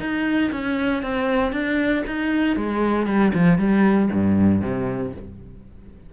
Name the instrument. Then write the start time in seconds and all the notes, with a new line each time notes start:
cello
0.00 D#4
0.52 C#4
1.03 C4
1.52 D4
2.07 D#4
2.57 G#3
3.07 G3
3.34 F3
3.59 G3
4.13 G2
4.62 C3